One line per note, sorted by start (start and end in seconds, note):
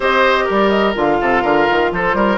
0.00 0.47 C4
0.00 0.94 G4
0.00 0.44 C5
0.00 0.49 D#5
0.44 0.96 G3
0.44 1.16 A#4
0.51 0.69 D5
0.69 0.93 D#5
0.94 1.20 D3
0.94 2.38 F4
0.94 1.93 F5
1.20 1.43 C3
1.20 1.42 A4
1.42 1.67 D3
1.42 1.90 A#4
1.70 1.91 D#3
1.91 2.14 F3
1.91 2.16 A4
1.91 2.38 C5
2.14 2.38 G3
2.14 2.38 A#4